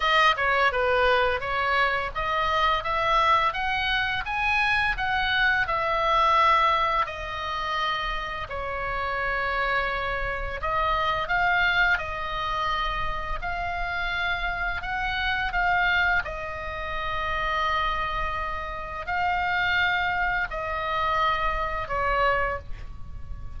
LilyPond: \new Staff \with { instrumentName = "oboe" } { \time 4/4 \tempo 4 = 85 dis''8 cis''8 b'4 cis''4 dis''4 | e''4 fis''4 gis''4 fis''4 | e''2 dis''2 | cis''2. dis''4 |
f''4 dis''2 f''4~ | f''4 fis''4 f''4 dis''4~ | dis''2. f''4~ | f''4 dis''2 cis''4 | }